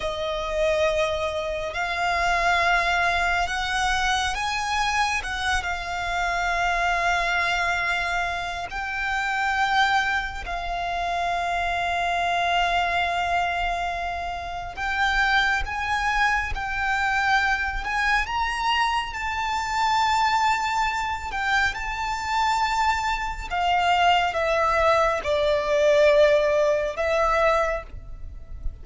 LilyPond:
\new Staff \with { instrumentName = "violin" } { \time 4/4 \tempo 4 = 69 dis''2 f''2 | fis''4 gis''4 fis''8 f''4.~ | f''2 g''2 | f''1~ |
f''4 g''4 gis''4 g''4~ | g''8 gis''8 ais''4 a''2~ | a''8 g''8 a''2 f''4 | e''4 d''2 e''4 | }